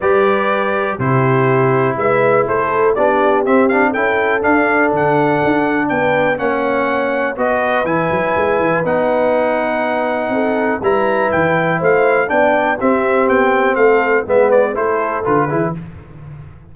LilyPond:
<<
  \new Staff \with { instrumentName = "trumpet" } { \time 4/4 \tempo 4 = 122 d''2 c''2 | e''4 c''4 d''4 e''8 f''8 | g''4 f''4 fis''2 | g''4 fis''2 dis''4 |
gis''2 fis''2~ | fis''2 ais''4 g''4 | f''4 g''4 e''4 g''4 | f''4 e''8 d''8 c''4 b'4 | }
  \new Staff \with { instrumentName = "horn" } { \time 4/4 b'2 g'2 | b'4 a'4 g'2 | a'1 | b'4 cis''2 b'4~ |
b'1~ | b'4 a'4 b'2 | c''4 d''4 g'2 | a'4 b'4 a'4. gis'8 | }
  \new Staff \with { instrumentName = "trombone" } { \time 4/4 g'2 e'2~ | e'2 d'4 c'8 d'8 | e'4 d'2.~ | d'4 cis'2 fis'4 |
e'2 dis'2~ | dis'2 e'2~ | e'4 d'4 c'2~ | c'4 b4 e'4 f'8 e'8 | }
  \new Staff \with { instrumentName = "tuba" } { \time 4/4 g2 c2 | gis4 a4 b4 c'4 | cis'4 d'4 d4 d'4 | b4 ais2 b4 |
e8 fis8 gis8 e8 b2~ | b4 c'4 g4 e4 | a4 b4 c'4 b4 | a4 gis4 a4 d8 e8 | }
>>